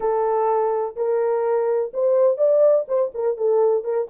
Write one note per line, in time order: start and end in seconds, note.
0.00 0.95 A4
0.95 1.91 A#4
1.93 2.37 C5
2.37 2.85 D5
2.88 3.12 C5
3.14 3.37 A#4
3.37 3.84 A4
3.84 4.08 A#4